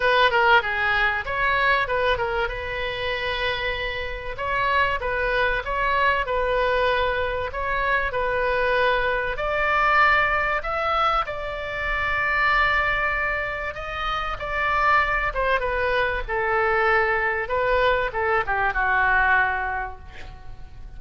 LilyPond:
\new Staff \with { instrumentName = "oboe" } { \time 4/4 \tempo 4 = 96 b'8 ais'8 gis'4 cis''4 b'8 ais'8 | b'2. cis''4 | b'4 cis''4 b'2 | cis''4 b'2 d''4~ |
d''4 e''4 d''2~ | d''2 dis''4 d''4~ | d''8 c''8 b'4 a'2 | b'4 a'8 g'8 fis'2 | }